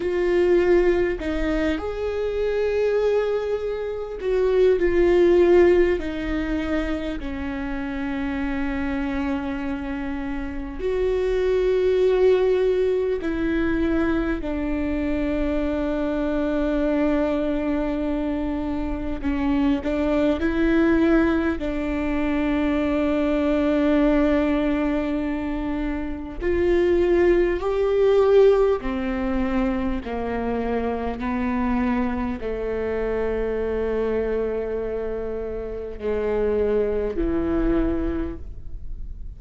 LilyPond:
\new Staff \with { instrumentName = "viola" } { \time 4/4 \tempo 4 = 50 f'4 dis'8 gis'2 fis'8 | f'4 dis'4 cis'2~ | cis'4 fis'2 e'4 | d'1 |
cis'8 d'8 e'4 d'2~ | d'2 f'4 g'4 | c'4 ais4 b4 a4~ | a2 gis4 e4 | }